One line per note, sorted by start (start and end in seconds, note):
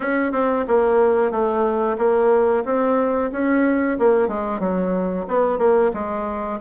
0.00 0.32 C#4
0.32 0.65 C4
0.67 1.31 A#3
1.31 1.97 A3
1.98 2.63 A#3
2.65 3.31 C4
3.31 3.97 C#4
3.98 4.27 A#3
4.27 4.59 G#3
4.59 5.25 F#3
5.28 5.58 B3
5.58 5.91 A#3
5.93 6.59 G#3